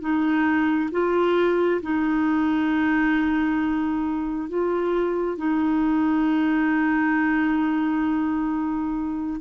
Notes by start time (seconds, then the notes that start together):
0.00 D#4
0.91 F4
1.82 D#4
4.49 F4
5.37 D#4